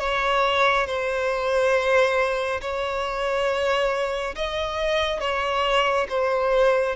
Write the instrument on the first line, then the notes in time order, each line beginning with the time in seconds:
violin
0.00 C#5
0.87 C5
2.61 C#5
4.36 D#5
5.21 C#5
6.09 C5